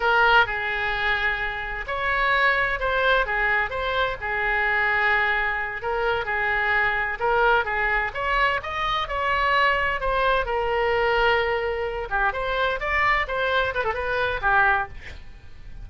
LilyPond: \new Staff \with { instrumentName = "oboe" } { \time 4/4 \tempo 4 = 129 ais'4 gis'2. | cis''2 c''4 gis'4 | c''4 gis'2.~ | gis'8 ais'4 gis'2 ais'8~ |
ais'8 gis'4 cis''4 dis''4 cis''8~ | cis''4. c''4 ais'4.~ | ais'2 g'8 c''4 d''8~ | d''8 c''4 b'16 a'16 b'4 g'4 | }